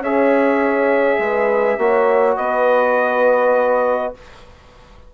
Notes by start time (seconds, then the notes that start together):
0.00 C#4 G#4 C#5 E5
1.18 G#3 B4
1.78 A#3 F#4 C#5
2.37 B3 B4 D#5